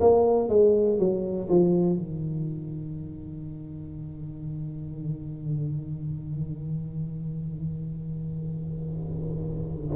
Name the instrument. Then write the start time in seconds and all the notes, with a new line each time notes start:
tuba
0.00 A#3
0.48 G#3
0.98 F#3
1.49 F3
1.96 D#3